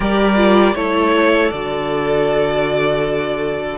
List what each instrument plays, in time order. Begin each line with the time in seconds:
0.00 cello G3, viola G4, violin A#4 D5
0.36 viola F4
0.74 cello A3, viola E4, violin A4 C#5
1.49 cello D3, viola F#4, violin D5